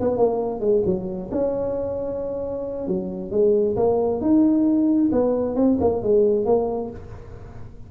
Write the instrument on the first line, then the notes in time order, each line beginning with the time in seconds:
tuba
0.00 B3
0.17 A#3
0.60 G#3
0.85 F#3
1.31 C#4
2.87 F#3
3.31 G#3
3.76 A#3
4.21 D#4
5.12 B3
5.55 C4
5.80 A#3
6.02 G#3
6.45 A#3